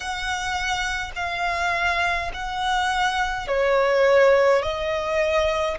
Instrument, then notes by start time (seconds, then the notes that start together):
violin
0.00 F#5
1.15 F5
2.33 F#5
3.47 C#5
4.62 D#5